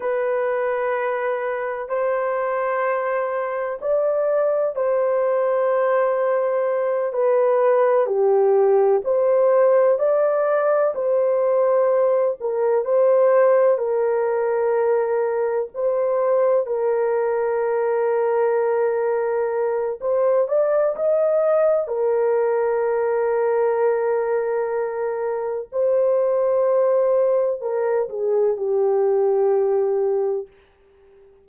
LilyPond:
\new Staff \with { instrumentName = "horn" } { \time 4/4 \tempo 4 = 63 b'2 c''2 | d''4 c''2~ c''8 b'8~ | b'8 g'4 c''4 d''4 c''8~ | c''4 ais'8 c''4 ais'4.~ |
ais'8 c''4 ais'2~ ais'8~ | ais'4 c''8 d''8 dis''4 ais'4~ | ais'2. c''4~ | c''4 ais'8 gis'8 g'2 | }